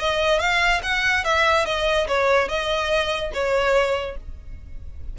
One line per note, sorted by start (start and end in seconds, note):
0.00 0.40 D#5
0.40 0.82 F5
0.83 1.25 F#5
1.25 1.66 E5
1.66 2.08 D#5
2.08 2.49 C#5
2.49 3.32 D#5
3.34 4.17 C#5